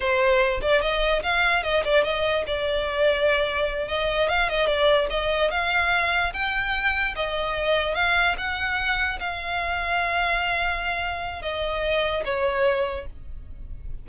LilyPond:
\new Staff \with { instrumentName = "violin" } { \time 4/4 \tempo 4 = 147 c''4. d''8 dis''4 f''4 | dis''8 d''8 dis''4 d''2~ | d''4. dis''4 f''8 dis''8 d''8~ | d''8 dis''4 f''2 g''8~ |
g''4. dis''2 f''8~ | f''8 fis''2 f''4.~ | f''1 | dis''2 cis''2 | }